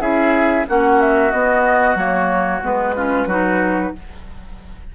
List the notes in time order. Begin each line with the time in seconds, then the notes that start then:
0.00 C#4 E4 G#4 E5
0.67 A#3 C#4 F#4 F#5
1.01 E5
1.31 B3 D#5
1.95 F#3 A#3 C#5
2.62 G#3 B3 B4
2.96 C#4 F4
3.26 F#3 D#4 F#4